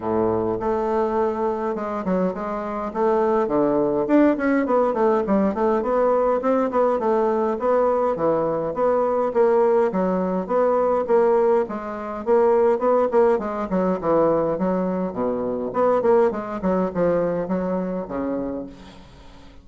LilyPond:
\new Staff \with { instrumentName = "bassoon" } { \time 4/4 \tempo 4 = 103 a,4 a2 gis8 fis8 | gis4 a4 d4 d'8 cis'8 | b8 a8 g8 a8 b4 c'8 b8 | a4 b4 e4 b4 |
ais4 fis4 b4 ais4 | gis4 ais4 b8 ais8 gis8 fis8 | e4 fis4 b,4 b8 ais8 | gis8 fis8 f4 fis4 cis4 | }